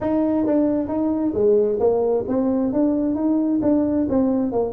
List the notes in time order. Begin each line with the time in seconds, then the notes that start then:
0.00 D#4
0.46 D4
0.88 D#4
1.33 G#3
1.79 A#3
2.28 C4
2.73 D4
3.15 D#4
3.62 D4
4.09 C4
4.52 A#3